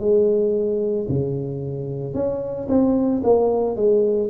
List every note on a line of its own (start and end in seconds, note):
0.00 1.07 G#3
1.09 2.14 C#3
2.14 2.68 C#4
2.69 3.23 C4
3.24 3.76 A#3
3.76 4.30 G#3